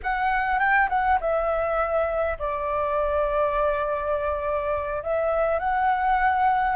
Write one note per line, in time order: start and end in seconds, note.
0.02 0.59 F#5
0.59 0.88 G5
0.89 1.18 F#5
1.20 2.38 E5
2.38 5.02 D5
5.02 5.59 E5
5.59 6.76 F#5